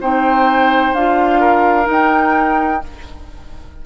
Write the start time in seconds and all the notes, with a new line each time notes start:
0.00 C4 D#4 C5 G5
0.93 D4 F4 F5
1.40 A#4
1.84 D#4
1.91 G5